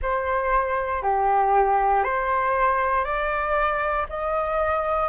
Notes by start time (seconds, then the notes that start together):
0.01 C5
1.02 G4
2.03 C5
3.04 D5
4.09 D#5